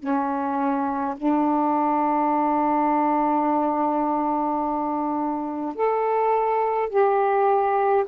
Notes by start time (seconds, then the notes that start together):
0.00 C#4
1.17 D4
5.76 A4
6.90 G4